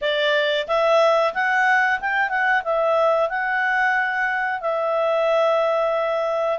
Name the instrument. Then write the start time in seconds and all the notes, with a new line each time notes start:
clarinet
0.01 D5
0.67 E5
1.34 F#5
2.00 G5
2.29 F#5
2.64 E5
3.29 F#5
4.61 E5